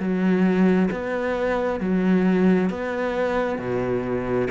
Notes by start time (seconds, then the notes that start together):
0.00 F#3
0.91 B3
1.80 F#3
2.70 B3
3.59 B2